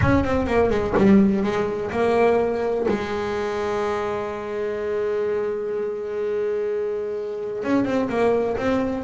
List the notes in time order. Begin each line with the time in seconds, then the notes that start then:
0.01 C#4
0.24 C4
0.47 A#3
0.70 G#3
0.97 G3
1.43 G#3
1.91 A#3
2.87 G#3
7.63 C#4
7.84 C4
8.09 A#3
8.57 C4